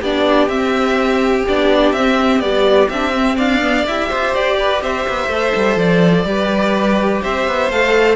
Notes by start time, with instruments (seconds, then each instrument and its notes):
0.00 cello B3, viola D4, violin G4 D5
0.48 cello C4, viola C4, violin E5
1.48 cello B3, viola D4, violin D5
1.93 cello C4, viola C4, violin E5
2.40 viola G3, cello B3, violin D5
2.89 cello C4, viola D4, violin E5
3.13 viola C4
3.36 cello D4, violin D5 F5
3.61 viola B3
3.87 cello E4, viola G4, violin E5
4.09 cello F4, violin C5
4.34 cello G4, violin D5
4.59 violin B4
4.82 cello C4, violin C5 E5
5.09 cello B3
5.28 cello A3, viola A4
5.56 cello G3
5.76 cello F3, violin D5
6.25 cello G3, viola G4, violin B4
7.22 cello C4, violin C5 E5
7.48 cello B3
7.71 cello A3, viola A4, violin F5